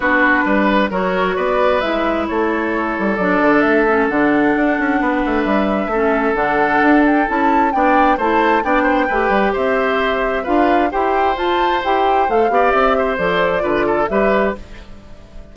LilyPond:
<<
  \new Staff \with { instrumentName = "flute" } { \time 4/4 \tempo 4 = 132 b'2 cis''4 d''4 | e''4 cis''2 d''4 | e''4 fis''2. | e''2 fis''4. g''8 |
a''4 g''4 a''4 g''4~ | g''4 e''2 f''4 | g''4 a''4 g''4 f''4 | e''4 d''2 e''4 | }
  \new Staff \with { instrumentName = "oboe" } { \time 4/4 fis'4 b'4 ais'4 b'4~ | b'4 a'2.~ | a'2. b'4~ | b'4 a'2.~ |
a'4 d''4 c''4 d''8 c''8 | b'4 c''2 b'4 | c''2.~ c''8 d''8~ | d''8 c''4. b'8 a'8 b'4 | }
  \new Staff \with { instrumentName = "clarinet" } { \time 4/4 d'2 fis'2 | e'2. d'4~ | d'8 cis'8 d'2.~ | d'4 cis'4 d'2 |
e'4 d'4 e'4 d'4 | g'2. f'4 | g'4 f'4 g'4 a'8 g'8~ | g'4 a'4 f'4 g'4 | }
  \new Staff \with { instrumentName = "bassoon" } { \time 4/4 b4 g4 fis4 b4 | gis4 a4. g8 fis8 d8 | a4 d4 d'8 cis'8 b8 a8 | g4 a4 d4 d'4 |
cis'4 b4 a4 b4 | a8 g8 c'2 d'4 | e'4 f'4 e'4 a8 b8 | c'4 f4 d4 g4 | }
>>